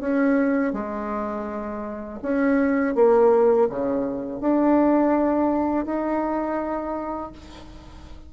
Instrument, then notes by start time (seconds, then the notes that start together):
bassoon
0.00 C#4
0.73 G#3
2.22 C#4
2.95 A#3
3.70 C#3
4.41 D4
5.85 D#4